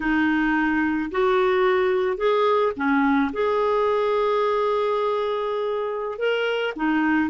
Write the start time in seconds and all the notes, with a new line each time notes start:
0.00 D#4
1.11 F#4
2.17 G#4
2.76 C#4
3.33 G#4
6.18 A#4
6.76 D#4